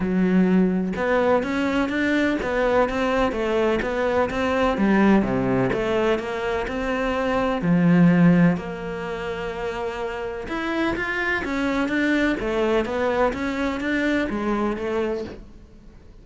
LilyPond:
\new Staff \with { instrumentName = "cello" } { \time 4/4 \tempo 4 = 126 fis2 b4 cis'4 | d'4 b4 c'4 a4 | b4 c'4 g4 c4 | a4 ais4 c'2 |
f2 ais2~ | ais2 e'4 f'4 | cis'4 d'4 a4 b4 | cis'4 d'4 gis4 a4 | }